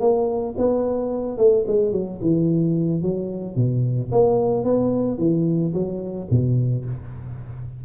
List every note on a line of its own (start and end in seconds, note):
0.00 0.55 A#3
0.58 1.38 B3
1.38 1.65 A3
1.67 1.92 G#3
1.92 2.19 F#3
2.21 3.02 E3
3.02 3.56 F#3
3.56 4.10 B2
4.11 4.64 A#3
4.64 5.18 B3
5.18 5.73 E3
5.73 6.28 F#3
6.30 6.85 B2